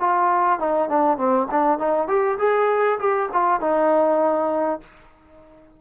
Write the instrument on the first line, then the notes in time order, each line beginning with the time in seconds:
trombone
0.00 F4
0.60 D#4
0.89 D4
1.18 C4
1.51 D4
1.79 D#4
2.08 G4
2.39 G#4
3.00 G4
3.33 F4
3.61 D#4